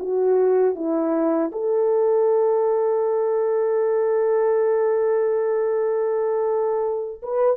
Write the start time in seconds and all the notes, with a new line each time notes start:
0.00 F#4
0.75 E4
1.52 A4
7.23 B4